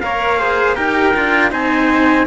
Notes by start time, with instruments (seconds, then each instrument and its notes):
0.00 cello A#3 A#4, trumpet C#5 F5
0.39 cello G#4, trumpet C5
0.75 cello D#4 G4, trumpet A#4 G5
1.13 cello D4 F4
1.50 cello C4 D#4, trumpet C5 G#5